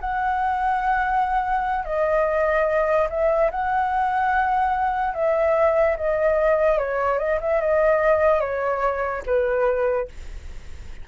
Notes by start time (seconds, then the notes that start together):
0.00 F#5
1.84 D#5
3.09 E5
3.50 F#5
5.14 E5
5.96 D#5
6.78 C#5
7.18 D#5
7.40 E5
7.61 D#5
8.40 C#5
9.25 B4